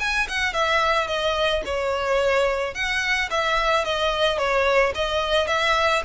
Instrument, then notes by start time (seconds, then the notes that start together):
violin
0.00 G#5
0.29 F#5
0.54 E5
1.08 D#5
1.66 C#5
2.74 F#5
3.31 E5
3.85 D#5
4.38 C#5
4.95 D#5
5.47 E5